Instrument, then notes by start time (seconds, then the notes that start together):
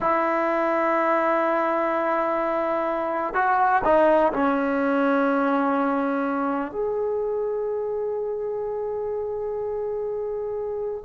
trombone
0.00 E4
3.34 F#4
3.84 D#4
4.32 C#4
6.71 G#4